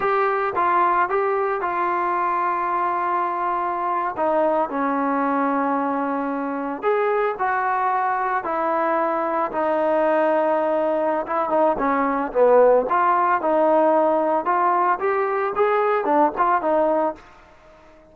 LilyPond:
\new Staff \with { instrumentName = "trombone" } { \time 4/4 \tempo 4 = 112 g'4 f'4 g'4 f'4~ | f'2.~ f'8. dis'16~ | dis'8. cis'2.~ cis'16~ | cis'8. gis'4 fis'2 e'16~ |
e'4.~ e'16 dis'2~ dis'16~ | dis'4 e'8 dis'8 cis'4 b4 | f'4 dis'2 f'4 | g'4 gis'4 d'8 f'8 dis'4 | }